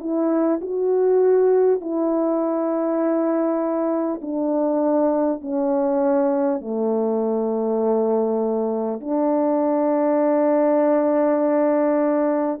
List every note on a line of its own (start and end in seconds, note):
0.00 0.60 E4
0.61 1.80 F#4
1.80 4.20 E4
4.21 5.41 D4
5.41 6.61 C#4
6.61 9.00 A3
9.00 12.60 D4